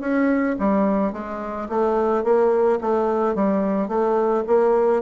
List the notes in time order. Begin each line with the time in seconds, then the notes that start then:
0.00 C#4
0.59 G3
1.12 G#3
1.68 A3
2.23 A#3
2.81 A3
3.35 G3
3.88 A3
4.47 A#3